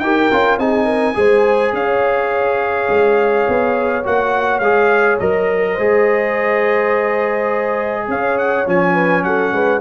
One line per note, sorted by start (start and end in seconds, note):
0.00 0.29 D#4
0.00 0.32 G4
0.00 0.60 A#4
0.00 0.58 G5
0.32 0.58 C#4
0.32 0.59 F4
0.58 1.15 C4
0.58 1.15 D#4
0.58 0.85 G#4
0.58 1.75 G#5
0.85 1.14 A#4
1.15 1.73 G#3
1.15 4.03 G#4
1.15 1.76 C5
1.73 2.88 C#4
1.73 5.73 C#5
1.73 4.06 F5
2.89 3.47 G#3
3.48 4.06 B3
4.04 4.60 A#3
4.04 4.62 F#4
4.04 4.59 F#5
4.59 5.18 G#3
4.59 5.21 G#4
4.59 5.17 F5
5.20 5.78 F#3
5.20 5.78 A#4
5.20 8.08 D#5
5.73 8.08 G#3
5.73 8.04 C5
5.80 8.66 G#4
8.08 8.66 C#4
8.08 8.94 C#5
8.08 8.38 F5
8.38 8.67 F#5
8.66 9.23 F3
8.66 9.81 C#4
8.66 9.24 G#5
8.94 9.23 B4
9.23 9.52 F#3
9.23 9.54 A4
9.23 9.81 F#5
9.52 9.81 G#3
9.52 9.81 B4